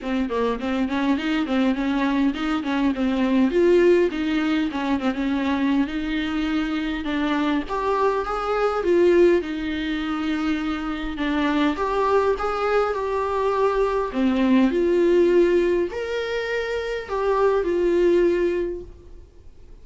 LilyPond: \new Staff \with { instrumentName = "viola" } { \time 4/4 \tempo 4 = 102 c'8 ais8 c'8 cis'8 dis'8 c'8 cis'4 | dis'8 cis'8 c'4 f'4 dis'4 | cis'8 c'16 cis'4~ cis'16 dis'2 | d'4 g'4 gis'4 f'4 |
dis'2. d'4 | g'4 gis'4 g'2 | c'4 f'2 ais'4~ | ais'4 g'4 f'2 | }